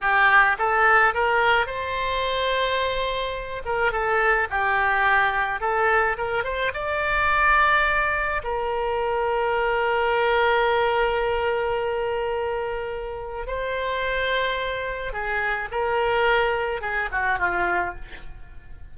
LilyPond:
\new Staff \with { instrumentName = "oboe" } { \time 4/4 \tempo 4 = 107 g'4 a'4 ais'4 c''4~ | c''2~ c''8 ais'8 a'4 | g'2 a'4 ais'8 c''8 | d''2. ais'4~ |
ais'1~ | ais'1 | c''2. gis'4 | ais'2 gis'8 fis'8 f'4 | }